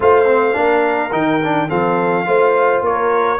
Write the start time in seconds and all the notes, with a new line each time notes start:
0.00 A3 F4 C5 F5
0.25 C4
0.53 A#3 D4 A#4
1.12 D#3 D#4 G5
1.43 D4
1.68 F3 C4 A4 F5
2.25 A3 F4 C5
2.81 A#3 A#4 C#5